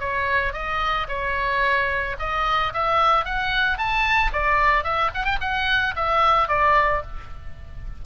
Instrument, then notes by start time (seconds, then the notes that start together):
oboe
0.00 C#5
0.53 D#5
1.09 C#5
2.19 D#5
2.74 E5
3.25 F#5
3.78 A5
4.33 D5
4.84 E5
5.14 F#5
5.25 G5
5.41 F#5
5.96 E5
6.49 D5